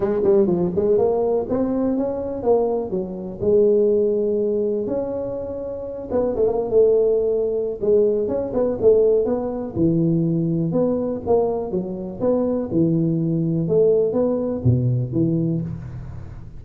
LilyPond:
\new Staff \with { instrumentName = "tuba" } { \time 4/4 \tempo 4 = 123 gis8 g8 f8 gis8 ais4 c'4 | cis'4 ais4 fis4 gis4~ | gis2 cis'2~ | cis'8 b8 a16 ais8 a2~ a16 |
gis4 cis'8 b8 a4 b4 | e2 b4 ais4 | fis4 b4 e2 | a4 b4 b,4 e4 | }